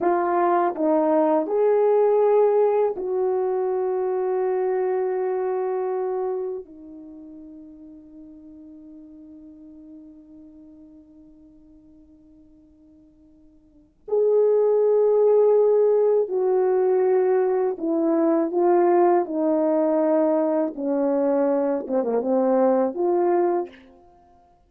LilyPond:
\new Staff \with { instrumentName = "horn" } { \time 4/4 \tempo 4 = 81 f'4 dis'4 gis'2 | fis'1~ | fis'4 dis'2.~ | dis'1~ |
dis'2. gis'4~ | gis'2 fis'2 | e'4 f'4 dis'2 | cis'4. c'16 ais16 c'4 f'4 | }